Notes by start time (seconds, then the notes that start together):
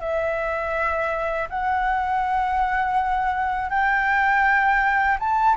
0.00 E5
1.49 F#5
3.70 G5
5.19 A5